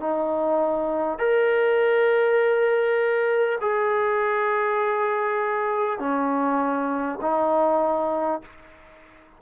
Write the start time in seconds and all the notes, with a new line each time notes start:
0.00 D#4
1.18 A#4
3.61 G#4
5.99 C#4
7.22 D#4